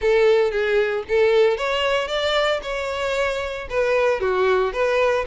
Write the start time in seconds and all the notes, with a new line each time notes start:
0.01 A4
0.51 G#4
1.08 A4
1.57 C#5
2.07 D5
2.62 C#5
3.69 B4
4.20 F#4
4.72 B4